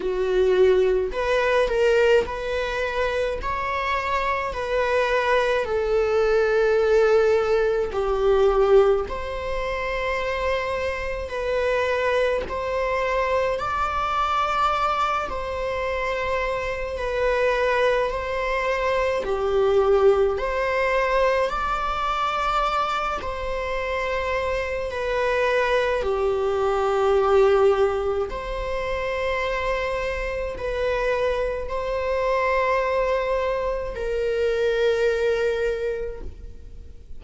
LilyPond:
\new Staff \with { instrumentName = "viola" } { \time 4/4 \tempo 4 = 53 fis'4 b'8 ais'8 b'4 cis''4 | b'4 a'2 g'4 | c''2 b'4 c''4 | d''4. c''4. b'4 |
c''4 g'4 c''4 d''4~ | d''8 c''4. b'4 g'4~ | g'4 c''2 b'4 | c''2 ais'2 | }